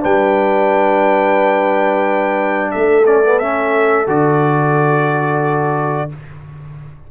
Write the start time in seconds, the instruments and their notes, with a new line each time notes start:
0.00 tuba G3, trombone D4, horn B4, trumpet G5
2.71 tuba A3, horn A4, trumpet E5
3.06 trombone C#4, trumpet D5
3.25 trombone B3
3.39 trombone C#4, trumpet E5
4.07 tuba D3, trombone F#4, trumpet D5